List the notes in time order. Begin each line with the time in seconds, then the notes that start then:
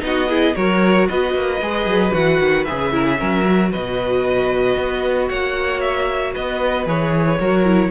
0.00 B3 D#4 D#5
0.06 F#4
0.29 E4 G#4
0.55 F#3 F#4 A#4 C#5
1.08 B3 B4 D#5
1.35 A#3
1.62 G#3 G#4
1.86 F#3
2.12 E3 F#4 F#5
2.41 D#3
2.65 C#3 G#4 E5
2.93 E4 A#4
3.05 G#4
3.17 F#3 C#4 A#4
3.45 F#4
3.71 B2 B4 D#5
4.77 B3
5.29 A#3 C#5 F#5
5.81 E5
6.34 B3 B4 D#5
6.86 E3 G#4 C#5
7.39 F#3 F#4 A#4
7.65 E4